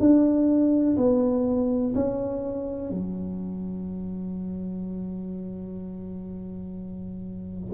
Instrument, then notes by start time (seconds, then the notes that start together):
tuba
0.00 D4
0.97 B3
1.95 C#4
2.91 F#3